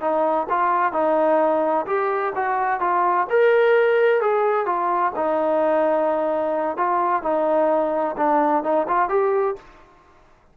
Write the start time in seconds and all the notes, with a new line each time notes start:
0.00 D#4
0.49 F4
0.92 D#4
1.86 G4
2.35 F#4
2.80 F4
3.30 A#4
4.21 G#4
4.66 F4
5.15 D#4
6.77 F4
7.22 D#4
8.16 D4
8.63 D#4
8.87 F4
9.09 G4